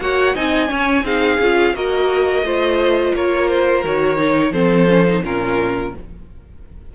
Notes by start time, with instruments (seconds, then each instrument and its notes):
0.00 cello A#3, viola F#4, violin C#5 F#5
0.35 cello C4, viola D#4, violin D#5 G#5
0.68 viola C#4, cello C#4, violin C#5
1.03 cello C4, viola D#4, violin G#4 F5
1.40 cello C#4, viola F4
1.74 cello A#3, viola F#4, violin A#4 D#5
2.42 cello A3, viola F4, violin C5
3.15 cello A#3, violin A#4 C#5
3.49 violin C5
3.84 cello D#3, viola F#4, violin C#5
4.17 viola D#4
4.52 cello F3, viola C4, violin A4 C5
4.88 viola C#4
5.07 viola D#4
5.23 cello A#2, viola C#4, violin F4 A#4